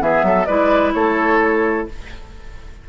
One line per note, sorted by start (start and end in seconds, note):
0.00 0.23 E3
0.00 0.47 B3
0.00 0.25 G#4
0.00 0.45 E5
0.23 0.46 F#3
0.23 0.47 A4
0.45 0.94 G#3
0.45 1.89 E4
0.45 0.93 B4
0.45 0.92 D5
0.93 1.88 A3
0.93 1.88 A4
0.93 1.87 C#5